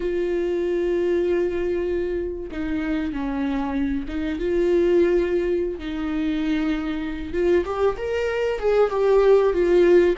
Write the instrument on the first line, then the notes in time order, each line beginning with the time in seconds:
viola
0.00 F4
2.51 D#4
3.12 C#4
4.08 D#4
4.39 F4
5.78 D#4
7.33 F4
7.65 G4
7.97 A#4
8.59 G#4
8.90 G4
9.53 F4